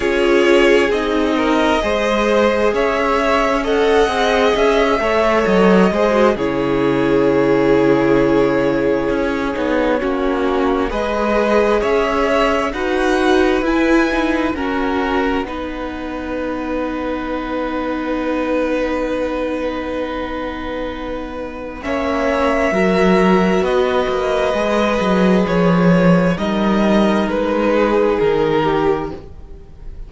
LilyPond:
<<
  \new Staff \with { instrumentName = "violin" } { \time 4/4 \tempo 4 = 66 cis''4 dis''2 e''4 | fis''4 e''4 dis''4 cis''4~ | cis''1 | dis''4 e''4 fis''4 gis''4 |
fis''1~ | fis''1 | e''2 dis''2 | cis''4 dis''4 b'4 ais'4 | }
  \new Staff \with { instrumentName = "violin" } { \time 4/4 gis'4. ais'8 c''4 cis''4 | dis''4. cis''4 c''8 gis'4~ | gis'2. fis'4 | b'4 cis''4 b'2 |
ais'4 b'2.~ | b'1 | cis''4 ais'4 b'2~ | b'4 ais'4. gis'4 g'8 | }
  \new Staff \with { instrumentName = "viola" } { \time 4/4 f'4 dis'4 gis'2 | a'8 gis'4 a'4 gis'16 fis'16 e'4~ | e'2~ e'8 dis'8 cis'4 | gis'2 fis'4 e'8 dis'8 |
cis'4 dis'2.~ | dis'1 | cis'4 fis'2 gis'4~ | gis'4 dis'2. | }
  \new Staff \with { instrumentName = "cello" } { \time 4/4 cis'4 c'4 gis4 cis'4~ | cis'8 c'8 cis'8 a8 fis8 gis8 cis4~ | cis2 cis'8 b8 ais4 | gis4 cis'4 dis'4 e'4 |
fis'4 b2.~ | b1 | ais4 fis4 b8 ais8 gis8 fis8 | f4 g4 gis4 dis4 | }
>>